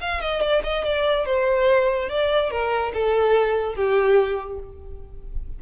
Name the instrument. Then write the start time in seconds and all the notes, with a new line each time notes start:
violin
0.00 F5
0.20 D#5
0.41 D5
0.63 D#5
0.84 D5
1.25 C5
2.09 D5
2.50 A#4
2.93 A4
3.75 G4